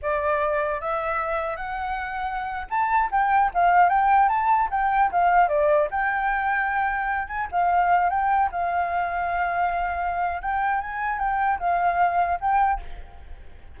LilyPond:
\new Staff \with { instrumentName = "flute" } { \time 4/4 \tempo 4 = 150 d''2 e''2 | fis''2~ fis''8. a''4 g''16~ | g''8. f''4 g''4 a''4 g''16~ | g''8. f''4 d''4 g''4~ g''16~ |
g''2~ g''16 gis''8 f''4~ f''16~ | f''16 g''4 f''2~ f''8.~ | f''2 g''4 gis''4 | g''4 f''2 g''4 | }